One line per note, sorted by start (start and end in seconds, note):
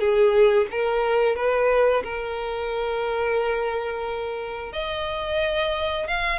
0.00 0.67 G#4
0.71 1.36 A#4
1.36 2.03 B4
2.04 4.73 A#4
4.73 6.08 D#5
6.08 6.40 F5